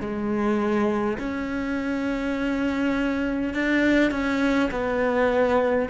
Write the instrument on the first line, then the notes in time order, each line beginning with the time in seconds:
cello
0.00 G#3
1.19 C#4
3.54 D4
4.11 C#4
4.71 B3